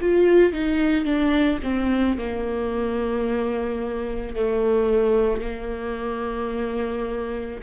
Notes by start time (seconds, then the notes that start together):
0.00 F4
0.53 D#4
1.04 D4
1.63 C4
2.18 A#3
4.35 A3
5.41 A#3